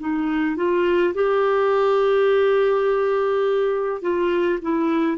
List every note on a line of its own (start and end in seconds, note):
0.00 0.56 D#4
0.56 1.14 F4
1.14 4.02 G4
4.02 4.59 F4
4.62 5.18 E4